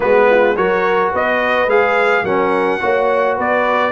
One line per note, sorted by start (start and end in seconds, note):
0.00 0.56 G#3
0.00 0.55 B3
0.00 0.25 F#4
0.00 0.56 B4
0.30 0.55 F4
0.55 1.12 F#3
0.55 1.68 F#4
0.55 1.12 A#4
0.55 1.12 C#5
1.12 1.66 B3
1.12 2.23 B4
1.12 1.69 D#5
1.66 2.22 G#3
1.66 2.25 G#4
1.66 2.25 F5
2.23 2.79 F#3
2.23 2.80 C#4
2.23 2.79 A#4
2.23 3.37 F#5
2.80 3.38 A#3
2.80 3.91 F#4
2.80 3.36 C#5
3.36 3.91 B3
3.36 3.91 B4
3.36 3.91 D5